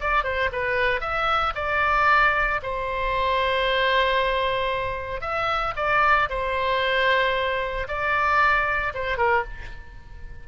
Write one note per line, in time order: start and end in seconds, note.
0.00 0.23 D5
0.23 0.50 C5
0.52 1.01 B4
1.01 1.53 E5
1.55 2.60 D5
2.62 5.21 C5
5.21 5.74 E5
5.76 6.29 D5
6.29 7.87 C5
7.88 8.93 D5
8.94 9.17 C5
9.17 9.44 A#4